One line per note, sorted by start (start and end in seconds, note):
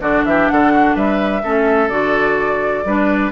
0.00 0.24 D3
0.00 1.42 D4
0.00 0.25 F#4
0.00 0.24 D5
0.25 0.49 E3
0.25 0.52 G4
0.25 0.48 E5
0.48 0.95 D3
0.48 0.72 A4
0.48 0.96 F#5
0.72 0.94 F#4
0.94 1.42 G3
0.94 1.42 B4
0.94 1.88 E5
1.43 1.90 A3
1.43 1.89 C#4
1.43 2.84 A4
1.88 2.84 D3
1.88 2.84 F#4
1.88 3.30 D5
2.84 3.31 G3
2.84 3.31 D4
2.84 3.31 B4